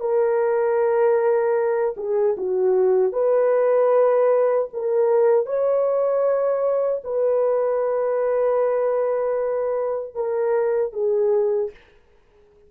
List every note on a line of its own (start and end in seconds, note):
0.00 1.95 A#4
1.97 2.36 G#4
2.37 3.13 F#4
3.13 4.69 B4
4.73 5.46 A#4
5.46 7.02 C#5
7.04 10.15 B4
10.15 10.93 A#4
10.93 11.71 G#4